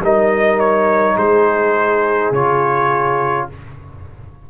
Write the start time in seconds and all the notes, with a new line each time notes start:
0.00 G3 D#4 A#4 D#5
0.59 C#5
1.16 G#3 G#4 C5
2.31 C#3 F4 C#5